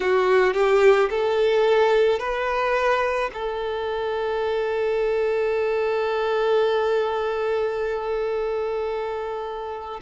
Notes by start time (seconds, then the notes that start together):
0.00 F#4
0.53 G4
1.10 A4
2.19 B4
3.33 A4